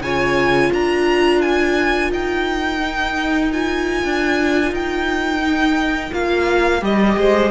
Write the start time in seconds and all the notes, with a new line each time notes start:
0.00 C#3 F4 C#5 G#5
0.73 D4 A#4 A#5
1.41 G#5
2.11 D#4 G5
2.80 D#4
3.52 F4 G#5
4.04 D4
4.72 D#4 G5
5.40 D#4
6.12 A#3 F4 F5
6.81 G3 G4 D#5
7.17 G#3 C5